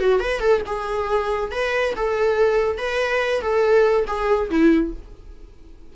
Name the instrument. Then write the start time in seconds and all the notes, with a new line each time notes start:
viola
0.00 F#4
0.20 B4
0.40 A4
0.66 G#4
1.52 B4
1.96 A4
2.78 B4
3.41 A4
4.07 G#4
4.50 E4